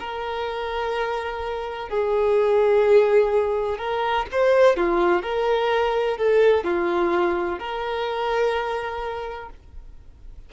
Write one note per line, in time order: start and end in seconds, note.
0.00 1.90 A#4
1.90 3.79 G#4
3.79 4.26 A#4
4.32 4.77 C5
4.77 5.23 F4
5.23 6.18 A#4
6.18 6.64 A4
6.64 7.59 F4
7.59 9.50 A#4